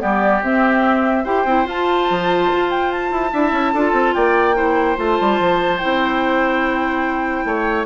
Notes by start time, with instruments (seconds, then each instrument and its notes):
0.00 bassoon G3, clarinet B3, oboe G4, flute D5
0.43 bassoon C4, clarinet C4, flute E5
1.24 bassoon E4, clarinet G4, oboe C5, flute G5
1.45 bassoon C4, clarinet E4
1.66 clarinet F4, bassoon F4, flute A5
2.10 bassoon F3
2.53 bassoon F4
2.71 flute G5
2.92 flute A5
3.11 bassoon E4
3.33 bassoon D4, clarinet E4, oboe E5
3.52 bassoon C#4
3.73 bassoon D4, clarinet F4, oboe A4
3.93 bassoon C4
4.14 bassoon A#3, oboe D5, flute G5
4.55 clarinet E4, oboe C5
4.97 bassoon A3, clarinet F4, flute A5
5.21 bassoon G3
5.40 bassoon F3
5.78 clarinet E4, flute G5
5.85 bassoon C4
7.45 bassoon A3, oboe C#5